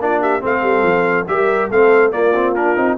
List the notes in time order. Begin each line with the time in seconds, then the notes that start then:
0.00 A#3 D4 F4 D5
0.21 G4 E5
0.41 A3 C4 A4 F5
0.63 G3
0.83 F3
1.27 G3 G4 A#4 E5
1.71 A3 C4 A4 F5
2.12 A#3 F4 D5
2.35 C4
2.56 D4 A#4
2.76 C4 D#4